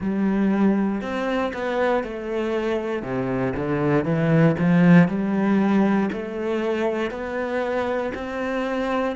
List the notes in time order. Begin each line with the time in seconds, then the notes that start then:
0.00 G3
1.01 C4
1.53 B3
2.03 A3
3.02 C3
3.55 D3
4.04 E3
4.58 F3
5.08 G3
6.12 A3
7.10 B3
8.14 C4